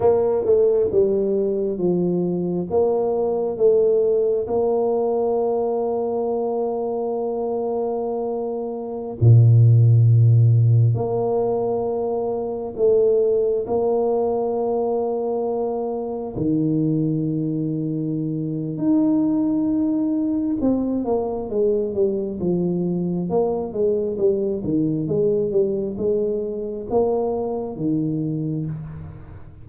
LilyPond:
\new Staff \with { instrumentName = "tuba" } { \time 4/4 \tempo 4 = 67 ais8 a8 g4 f4 ais4 | a4 ais2.~ | ais2~ ais16 ais,4.~ ais,16~ | ais,16 ais2 a4 ais8.~ |
ais2~ ais16 dis4.~ dis16~ | dis4 dis'2 c'8 ais8 | gis8 g8 f4 ais8 gis8 g8 dis8 | gis8 g8 gis4 ais4 dis4 | }